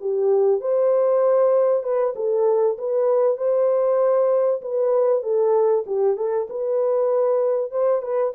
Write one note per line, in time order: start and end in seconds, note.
0.00 0.60 G4
0.60 1.83 C5
1.83 2.14 B4
2.15 2.77 A4
2.78 3.37 B4
3.37 4.61 C5
4.61 5.22 B4
5.22 5.84 A4
5.86 6.16 G4
6.16 6.47 A4
6.49 7.71 B4
7.71 8.02 C5
8.02 8.33 B4